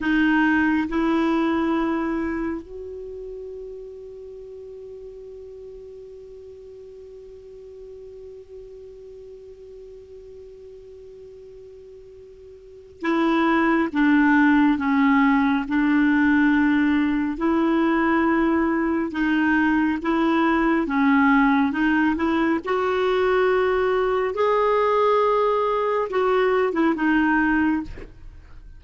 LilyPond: \new Staff \with { instrumentName = "clarinet" } { \time 4/4 \tempo 4 = 69 dis'4 e'2 fis'4~ | fis'1~ | fis'1~ | fis'2. e'4 |
d'4 cis'4 d'2 | e'2 dis'4 e'4 | cis'4 dis'8 e'8 fis'2 | gis'2 fis'8. e'16 dis'4 | }